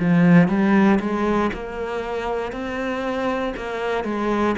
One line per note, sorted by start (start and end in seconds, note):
0.00 0.49 F3
0.49 0.99 G3
1.00 1.51 G#3
1.53 2.52 A#3
2.52 3.54 C4
3.57 4.04 A#3
4.04 4.55 G#3